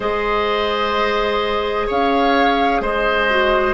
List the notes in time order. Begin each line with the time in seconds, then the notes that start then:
0.00 G#3 G#4 C5 D#5
1.87 C#4 C#5 F5
2.80 G#3 C5 D#5
3.29 F#4